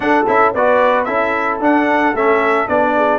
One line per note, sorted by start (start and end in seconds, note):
0.00 0.24 D4
0.00 0.54 A4
0.00 0.26 F#5
0.27 0.53 C#4
0.27 0.53 E4
0.27 0.54 E5
0.53 1.07 B3
0.53 1.06 F#4
0.53 1.06 B4
0.53 1.04 D5
1.04 1.60 C#4
1.04 1.60 E4
1.04 2.94 A4
1.04 1.58 E5
1.60 2.14 D4
1.60 2.13 D4
1.60 2.16 F#5
2.13 2.66 A3
2.13 2.67 C#4
2.13 2.68 E5
2.67 3.18 B3
2.67 3.18 D4
2.67 3.18 D5
2.96 3.18 G#4